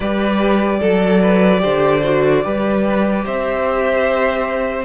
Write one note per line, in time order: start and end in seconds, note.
0.00 0.80 G3
0.00 0.81 G4
0.00 0.79 B4
0.00 3.24 D5
0.80 1.64 F#3
0.80 1.20 A4
0.80 1.58 A4
1.21 1.61 B4
1.58 1.99 G4
1.58 2.43 C5
1.65 2.44 D3
2.03 2.43 F#4
2.43 3.25 G3
2.43 4.85 G4
2.43 3.25 B4
3.25 4.85 C4
3.25 4.85 C5
3.25 4.85 E5